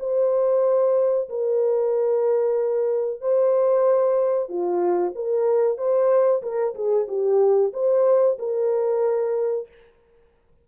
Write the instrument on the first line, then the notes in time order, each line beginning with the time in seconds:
horn
0.00 C5
1.29 A#4
3.21 C5
4.49 F4
5.16 A#4
5.78 C5
6.43 A#4
6.75 G#4
7.08 G4
7.74 C5
8.39 A#4